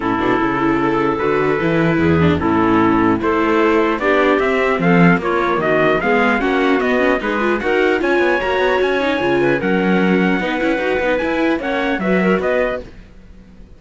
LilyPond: <<
  \new Staff \with { instrumentName = "trumpet" } { \time 4/4 \tempo 4 = 150 a'2. b'4~ | b'2 a'2 | c''2 d''4 e''4 | f''4 cis''4 dis''4 f''4 |
fis''4 dis''4 b'4 fis''4 | gis''4 ais''4 gis''2 | fis''1 | gis''4 fis''4 e''4 dis''4 | }
  \new Staff \with { instrumentName = "clarinet" } { \time 4/4 e'2 a'2~ | a'4 gis'4 e'2 | a'2 g'2 | a'4 f'4 fis'4 gis'4 |
fis'2 gis'4 ais'4 | cis''2.~ cis''8 b'8 | ais'2 b'2~ | b'4 cis''4 b'8 ais'8 b'4 | }
  \new Staff \with { instrumentName = "viola" } { \time 4/4 cis'8 d'8 e'2 fis'4 | e'4. d'8 cis'2 | e'2 d'4 c'4~ | c'4 ais2 b4 |
cis'4 b8 cis'8 dis'8 f'8 fis'4 | f'4 fis'4. dis'8 f'4 | cis'2 dis'8 e'8 fis'8 dis'8 | e'4 cis'4 fis'2 | }
  \new Staff \with { instrumentName = "cello" } { \time 4/4 a,8 b,8 cis2 d4 | e4 e,4 a,2 | a2 b4 c'4 | f4 ais4 dis4 gis4 |
ais4 b4 gis4 dis'4 | cis'8 b8 ais8 b8 cis'4 cis4 | fis2 b8 cis'8 dis'8 b8 | e'4 ais4 fis4 b4 | }
>>